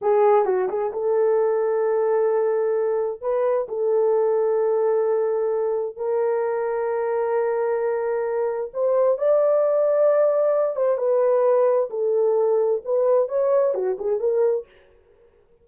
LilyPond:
\new Staff \with { instrumentName = "horn" } { \time 4/4 \tempo 4 = 131 gis'4 fis'8 gis'8 a'2~ | a'2. b'4 | a'1~ | a'4 ais'2.~ |
ais'2. c''4 | d''2.~ d''8 c''8 | b'2 a'2 | b'4 cis''4 fis'8 gis'8 ais'4 | }